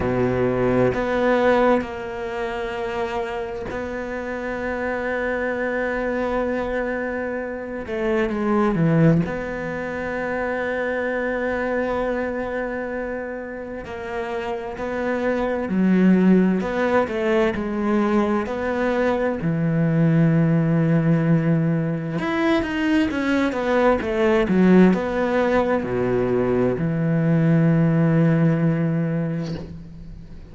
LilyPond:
\new Staff \with { instrumentName = "cello" } { \time 4/4 \tempo 4 = 65 b,4 b4 ais2 | b1~ | b8 a8 gis8 e8 b2~ | b2. ais4 |
b4 fis4 b8 a8 gis4 | b4 e2. | e'8 dis'8 cis'8 b8 a8 fis8 b4 | b,4 e2. | }